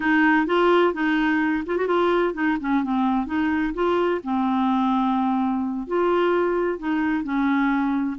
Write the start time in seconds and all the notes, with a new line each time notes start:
0.00 D#4
0.46 F4
0.93 D#4
1.66 F4
1.77 F#4
1.87 F4
2.34 D#4
2.60 C#4
2.83 C4
3.26 D#4
3.74 F4
4.23 C4
5.87 F4
6.78 D#4
7.23 C#4